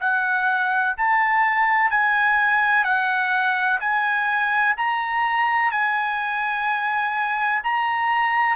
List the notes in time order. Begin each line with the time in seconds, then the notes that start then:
0.00 F#5
0.97 A5
1.90 G#5
2.84 F#5
3.80 G#5
4.77 A#5
5.71 G#5
7.63 A#5